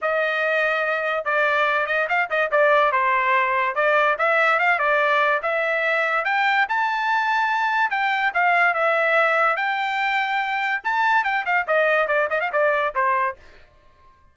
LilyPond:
\new Staff \with { instrumentName = "trumpet" } { \time 4/4 \tempo 4 = 144 dis''2. d''4~ | d''8 dis''8 f''8 dis''8 d''4 c''4~ | c''4 d''4 e''4 f''8 d''8~ | d''4 e''2 g''4 |
a''2. g''4 | f''4 e''2 g''4~ | g''2 a''4 g''8 f''8 | dis''4 d''8 dis''16 f''16 d''4 c''4 | }